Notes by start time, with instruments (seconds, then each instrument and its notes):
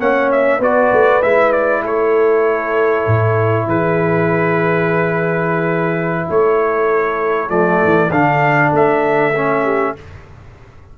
0.00 tuba A#3, trombone C#4, horn C#5, trumpet F#5
0.32 trumpet E5
0.59 tuba B3, trombone F#4, horn B4, trumpet D5
0.92 tuba A3
1.23 tuba G#3, trombone E4, trumpet E5
1.53 trumpet D5
1.83 tuba A3, horn A4, trumpet C#5
3.07 tuba A2
3.67 tuba E3, horn G#4, trumpet B4
6.27 tuba A3, horn A4, trumpet C#5
7.50 tuba F3, trombone A3, trumpet D5
7.85 tuba E3
8.11 tuba D3, trombone D4, trumpet F5
8.73 tuba A3, trumpet E5
9.36 trombone C#4
9.63 horn G4